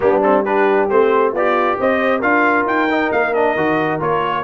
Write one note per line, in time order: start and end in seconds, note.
0.00 0.90 G3
0.00 0.21 B3
0.00 0.44 D4
0.00 0.22 G4
0.23 0.45 C4
0.23 0.44 A4
0.44 0.89 D4
0.44 1.32 G4
0.44 0.89 B4
0.89 1.33 A3
0.89 1.35 C4
0.89 1.34 C5
1.32 1.77 B3
1.32 1.76 F4
1.32 2.21 G4
1.32 1.80 D5
1.79 2.22 C4
1.79 2.19 C5
1.79 2.21 D#5
2.19 2.65 D4
2.19 2.88 F4
2.19 4.41 A#4
2.19 2.66 F5
2.65 3.10 D#4
2.65 3.11 G5
2.90 3.34 D#4
3.11 3.56 A#3
3.11 3.33 F5
3.33 3.56 D4
3.33 4.00 D#5
3.56 4.00 D#3
3.56 3.99 F#4
3.99 4.43 A#3
3.99 4.43 F4
3.99 4.43 C#5